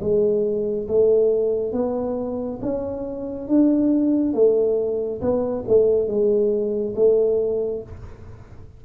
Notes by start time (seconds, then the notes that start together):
0.00 G#3
0.87 A3
1.72 B3
2.61 C#4
3.47 D4
4.33 A3
5.21 B3
5.68 A3
6.07 G#3
6.95 A3